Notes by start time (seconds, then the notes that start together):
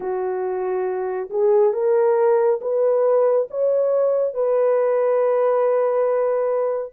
0.00 F#4
1.30 G#4
1.73 A#4
2.61 B4
3.50 C#5
4.34 B4